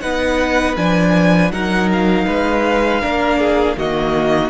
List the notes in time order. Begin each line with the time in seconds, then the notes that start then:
0.00 B3 D#4 B4 F#5
0.76 F3 D4 G#5
1.51 F#3 D#4 A#4 F#5
1.92 F5
2.26 G#3 B4
3.01 A#3 D4 A#4
3.39 G#4
3.76 D#3 A#3 F#4 D#5